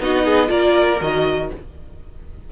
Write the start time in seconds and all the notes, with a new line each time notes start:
0.00 B3 D#4 F#4 D#5
0.25 G#4
0.46 A#3 F4 A#4 D5
1.01 D#3 F#4 D#5